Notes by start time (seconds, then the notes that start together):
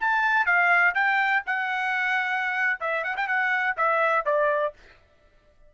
0.00 A5
0.46 F5
0.95 G5
1.46 F#5
2.80 E5
3.04 F#5
3.17 G5
3.27 F#5
3.77 E5
4.26 D5